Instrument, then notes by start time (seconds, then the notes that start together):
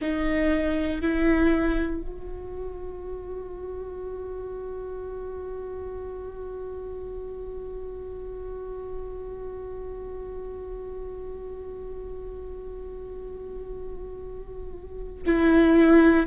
viola
0.01 D#4
1.01 E4
2.01 F#4
15.25 E4